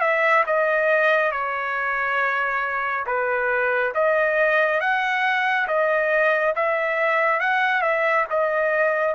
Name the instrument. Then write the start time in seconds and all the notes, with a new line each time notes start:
trumpet
0.00 E5
0.46 D#5
1.31 C#5
3.06 B4
3.94 D#5
4.80 F#5
5.67 D#5
6.55 E5
7.40 F#5
7.81 E5
8.30 D#5